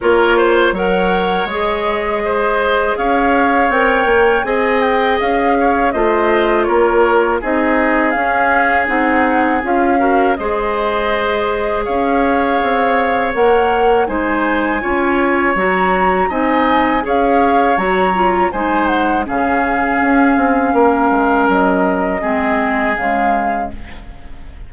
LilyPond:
<<
  \new Staff \with { instrumentName = "flute" } { \time 4/4 \tempo 4 = 81 cis''4 fis''4 dis''2 | f''4 g''4 gis''8 g''8 f''4 | dis''4 cis''4 dis''4 f''4 | fis''4 f''4 dis''2 |
f''2 fis''4 gis''4~ | gis''4 ais''4 gis''4 f''4 | ais''4 gis''8 fis''8 f''2~ | f''4 dis''2 f''4 | }
  \new Staff \with { instrumentName = "oboe" } { \time 4/4 ais'8 c''8 cis''2 c''4 | cis''2 dis''4. cis''8 | c''4 ais'4 gis'2~ | gis'4. ais'8 c''2 |
cis''2. c''4 | cis''2 dis''4 cis''4~ | cis''4 c''4 gis'2 | ais'2 gis'2 | }
  \new Staff \with { instrumentName = "clarinet" } { \time 4/4 f'4 ais'4 gis'2~ | gis'4 ais'4 gis'2 | f'2 dis'4 cis'4 | dis'4 f'8 fis'8 gis'2~ |
gis'2 ais'4 dis'4 | f'4 fis'4 dis'4 gis'4 | fis'8 f'8 dis'4 cis'2~ | cis'2 c'4 gis4 | }
  \new Staff \with { instrumentName = "bassoon" } { \time 4/4 ais4 fis4 gis2 | cis'4 c'8 ais8 c'4 cis'4 | a4 ais4 c'4 cis'4 | c'4 cis'4 gis2 |
cis'4 c'4 ais4 gis4 | cis'4 fis4 c'4 cis'4 | fis4 gis4 cis4 cis'8 c'8 | ais8 gis8 fis4 gis4 cis4 | }
>>